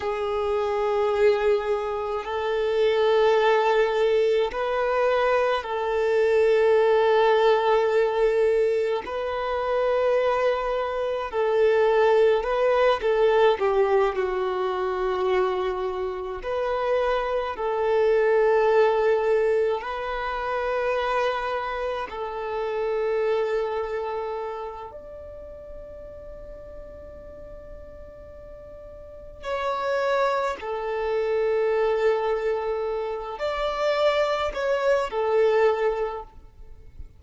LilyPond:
\new Staff \with { instrumentName = "violin" } { \time 4/4 \tempo 4 = 53 gis'2 a'2 | b'4 a'2. | b'2 a'4 b'8 a'8 | g'8 fis'2 b'4 a'8~ |
a'4. b'2 a'8~ | a'2 d''2~ | d''2 cis''4 a'4~ | a'4. d''4 cis''8 a'4 | }